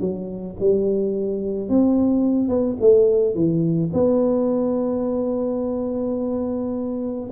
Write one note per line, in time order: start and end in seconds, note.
0.00 0.56 F#3
0.60 1.69 G3
1.69 2.49 C4
2.49 2.77 B3
2.80 3.34 A3
3.34 3.90 E3
3.93 7.29 B3